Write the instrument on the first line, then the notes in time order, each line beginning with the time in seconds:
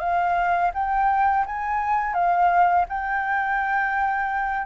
flute
0.00 F5
0.74 G5
1.46 G#5
2.14 F5
2.89 G5